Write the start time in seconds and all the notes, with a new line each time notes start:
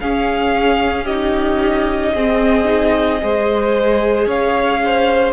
0.00 C#4 G#4 F5
1.05 D#4 G4 D#5
2.14 C4 G#4
2.64 D#4
3.21 G#3 G#4 C5
4.26 C#4 C#5 F5
4.85 C5